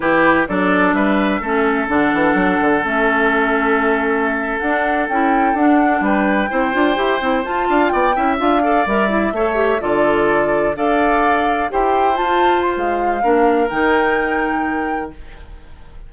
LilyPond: <<
  \new Staff \with { instrumentName = "flute" } { \time 4/4 \tempo 4 = 127 b'4 d''4 e''2 | fis''2 e''2~ | e''4.~ e''16 fis''4 g''4 fis''16~ | fis''8. g''2. a''16~ |
a''8. g''4 f''4 e''4~ e''16~ | e''8. d''2 f''4~ f''16~ | f''8. g''4 a''4 c'''16 f''4~ | f''4 g''2. | }
  \new Staff \with { instrumentName = "oboe" } { \time 4/4 g'4 a'4 b'4 a'4~ | a'1~ | a'1~ | a'8. b'4 c''2~ c''16~ |
c''16 f''8 d''8 e''4 d''4. cis''16~ | cis''8. a'2 d''4~ d''16~ | d''8. c''2.~ c''16 | ais'1 | }
  \new Staff \with { instrumentName = "clarinet" } { \time 4/4 e'4 d'2 cis'4 | d'2 cis'2~ | cis'4.~ cis'16 d'4 e'4 d'16~ | d'4.~ d'16 e'8 f'8 g'8 e'8 f'16~ |
f'4~ f'16 e'8 f'8 a'8 ais'8 e'8 a'16~ | a'16 g'8 f'2 a'4~ a'16~ | a'8. g'4 f'2~ f'16 | d'4 dis'2. | }
  \new Staff \with { instrumentName = "bassoon" } { \time 4/4 e4 fis4 g4 a4 | d8 e8 fis8 d8 a2~ | a4.~ a16 d'4 cis'4 d'16~ | d'8. g4 c'8 d'8 e'8 c'8 f'16~ |
f'16 d'8 b8 cis'8 d'4 g4 a16~ | a8. d2 d'4~ d'16~ | d'8. e'4 f'4~ f'16 gis4 | ais4 dis2. | }
>>